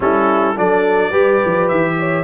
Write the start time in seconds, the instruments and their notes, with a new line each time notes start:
0.00 tuba G3, trombone C#4, horn E4, trumpet A4
0.55 tuba F#3, trombone D4, horn A4, trumpet D5
1.10 tuba G3, trombone G4, horn B4
1.45 tuba F3
1.68 tuba E3, trumpet E5
1.98 horn C#5